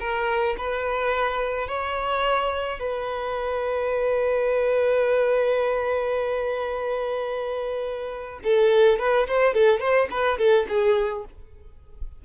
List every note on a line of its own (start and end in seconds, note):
0.00 0.56 A#4
0.58 1.68 B4
1.68 2.80 C#5
2.80 8.40 B4
8.44 8.99 A4
8.99 9.27 B4
9.28 9.54 C5
9.54 9.80 A4
9.80 10.08 C5
10.11 10.38 B4
10.38 10.66 A4
10.69 11.25 G#4